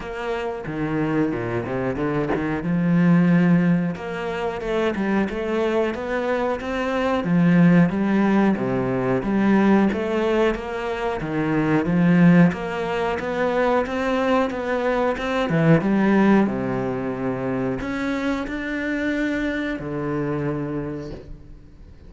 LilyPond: \new Staff \with { instrumentName = "cello" } { \time 4/4 \tempo 4 = 91 ais4 dis4 ais,8 c8 d8 dis8 | f2 ais4 a8 g8 | a4 b4 c'4 f4 | g4 c4 g4 a4 |
ais4 dis4 f4 ais4 | b4 c'4 b4 c'8 e8 | g4 c2 cis'4 | d'2 d2 | }